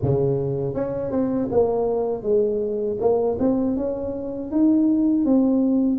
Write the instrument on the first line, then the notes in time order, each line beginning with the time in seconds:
tuba
0.02 C#3
0.74 C#4
1.11 C4
1.51 A#3
2.22 G#3
3.00 A#3
3.39 C4
3.77 C#4
4.51 D#4
5.25 C4